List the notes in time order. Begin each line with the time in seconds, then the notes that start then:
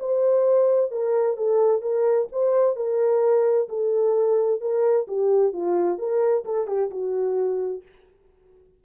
0.00 C5
0.91 A#4
1.37 A4
1.82 A#4
2.33 C5
2.77 A#4
3.69 A4
4.61 A#4
5.08 G4
5.53 F4
5.99 A#4
6.45 A4
6.68 G4
6.91 F#4